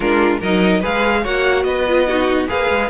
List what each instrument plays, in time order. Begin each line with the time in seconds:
0.00 cello G#3, viola D4, violin F4 A#4
0.39 cello F#3, viola D#4, violin A#4 D#5
0.80 cello G#3, viola G#4, violin B4 F5
1.22 cello A#3, viola F#4, violin C#5 F#5
1.63 cello B3, violin B4 D#5
1.87 viola F4
2.06 viola D#4, violin F#4
2.47 cello A#3, viola G#4, violin B4 F5
2.69 cello G#3